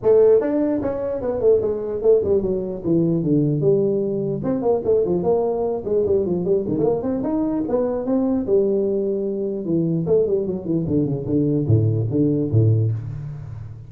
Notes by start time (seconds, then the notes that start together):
0.03 A3
0.40 D4
0.82 C#4
1.21 B3
1.40 A3
1.61 G#3
2.02 A3
2.24 G3
2.42 F#3
2.84 E3
3.23 D3
3.60 G3
4.43 C4
4.62 A#3
4.84 A3
5.05 F3
5.23 A#3
5.85 G#3
6.05 G3
6.25 F3
6.44 G3
6.68 D#3
6.78 A3
6.84 A#3
7.02 C4
7.23 D#4
7.68 B3
8.05 C4
8.46 G3
9.65 E3
10.06 A3
10.26 G3
10.46 F#3
10.65 E3
10.87 D3
11.05 C#3
11.26 D3
11.66 A2
12.10 D3
12.51 A2